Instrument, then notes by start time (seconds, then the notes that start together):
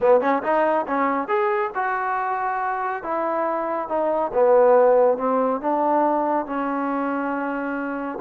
trombone
0.00 B3
0.20 C#4
0.43 D#4
0.87 C#4
1.27 G#4
1.74 F#4
3.03 E4
3.88 D#4
4.33 B3
5.17 C4
5.60 D4
6.46 C#4